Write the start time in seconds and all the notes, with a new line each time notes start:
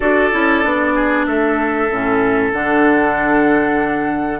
0.00 D4 F#4 A4 D5
0.32 C#4 E4
0.63 B3 D4
0.94 G#4
1.25 A3 A4 E5
1.90 A2 C#4
2.52 D3 D4 F#5